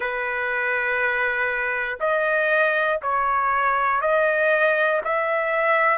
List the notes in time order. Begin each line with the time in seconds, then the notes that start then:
0.00 B4
2.00 D#5
3.02 C#5
4.00 D#5
5.04 E5